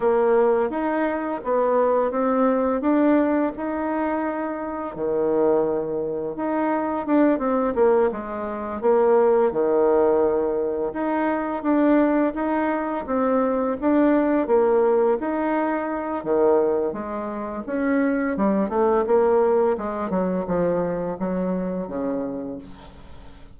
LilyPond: \new Staff \with { instrumentName = "bassoon" } { \time 4/4 \tempo 4 = 85 ais4 dis'4 b4 c'4 | d'4 dis'2 dis4~ | dis4 dis'4 d'8 c'8 ais8 gis8~ | gis8 ais4 dis2 dis'8~ |
dis'8 d'4 dis'4 c'4 d'8~ | d'8 ais4 dis'4. dis4 | gis4 cis'4 g8 a8 ais4 | gis8 fis8 f4 fis4 cis4 | }